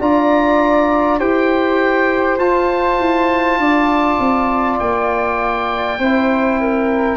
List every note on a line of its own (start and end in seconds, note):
0.00 1.20 D4
0.00 1.20 F4
0.00 1.19 D5
0.00 1.20 A#5
1.19 2.38 E4
1.19 2.39 G4
1.19 3.59 C5
1.19 2.39 G5
2.38 2.98 F4
2.38 5.99 F4
2.38 4.79 A5
2.99 3.58 E4
3.58 4.18 D4
3.58 5.99 D5
4.20 4.79 C4
4.79 5.99 A#3
4.79 7.17 G5
5.99 7.17 C4
5.99 7.17 E4
5.99 6.59 C5
6.60 7.17 A#4